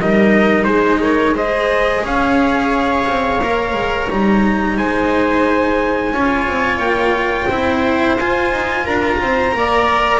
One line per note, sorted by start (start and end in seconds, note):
0.00 0.65 G3
0.00 1.35 D#4
0.00 0.66 A#4
0.00 0.64 D#5
0.64 2.01 G#3
0.64 1.00 G#4
0.64 0.98 C5
1.01 1.35 A#4
1.01 1.35 C#5
1.35 3.39 G#4
1.35 2.03 C5
1.35 2.05 D#5
2.04 3.06 C#4
2.04 4.77 C#5
2.04 4.10 F5
3.07 3.41 C4
3.41 3.73 A#3
3.41 4.10 A#4
3.73 4.07 G#3
4.10 4.78 G3
4.10 6.13 D#4
4.10 4.77 A#5
4.77 6.12 G#3
4.77 6.13 C5
4.77 6.79 G#5
6.12 6.46 C#4
6.12 7.50 F4
6.12 7.47 C#5
6.47 6.78 C4
6.78 7.46 A#3
6.78 8.16 G5
7.47 8.18 C4
7.47 8.18 E4
7.47 8.84 C5
8.18 8.51 F4
8.18 9.51 F4
8.18 8.86 G#5
8.51 8.85 D#4
8.84 9.20 D4
8.84 9.18 A#4
8.84 10.20 A#5
9.20 9.53 C4
9.20 9.56 C5
9.51 10.20 A#3
9.51 10.19 A#4
9.51 10.20 D5